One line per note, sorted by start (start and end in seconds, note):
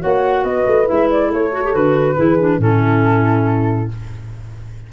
0.00 0.44 A#3
0.00 0.86 F#4
0.00 0.44 C#5
0.00 0.44 F#5
0.44 0.66 B3
0.44 1.28 B4
0.44 0.88 D#5
0.67 0.89 A3
0.86 1.51 E4
0.86 1.10 E5
0.92 1.33 G#3
1.11 1.32 D5
1.28 1.75 A3
1.28 2.15 A4
1.28 1.75 C#5
1.53 1.63 F#4
1.64 1.73 G4
1.73 2.18 D3
1.73 2.16 F#4
1.73 2.62 B4
2.16 2.59 E3
2.16 2.38 E4
2.16 2.61 G#4
2.39 2.60 D4
2.59 3.88 A2
2.59 3.89 C#4
2.59 3.93 E4
2.59 3.92 A4